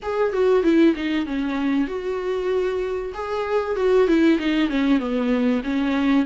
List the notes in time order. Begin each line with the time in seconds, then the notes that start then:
0.02 G#4
0.33 F#4
0.63 E4
0.95 D#4
1.26 C#4
1.88 F#4
3.13 G#4
3.76 F#4
4.07 E4
4.38 D#4
4.68 C#4
4.99 B3
5.63 C#4